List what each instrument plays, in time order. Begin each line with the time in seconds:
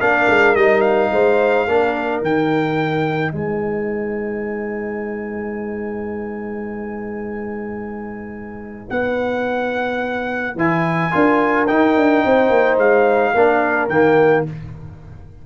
0.00 tuba A#3, trombone D4, horn A#4, trumpet F5
0.28 tuba G#3
0.55 tuba G3, trombone D#4, trumpet D#5
0.81 trumpet F5
1.11 tuba G#3, horn C5
1.67 tuba A#3, trombone D4, horn A#4
2.22 tuba D#3, trombone D#4, trumpet G5
3.32 tuba G#3, horn B4, trumpet G#5
8.90 tuba B3, trumpet F#5
10.55 tuba E3, trombone E4, trumpet G#5
11.11 tuba D4, trombone F4, horn A#4
11.67 trombone D#4, tuba D#4, trumpet G5
11.97 tuba D4
12.25 tuba C4, horn C5
12.49 tuba A#3
12.77 tuba G#3, trumpet F5
13.34 tuba A#3, trombone D4, horn A#4
13.89 tuba D#3, trombone A#3, trumpet G5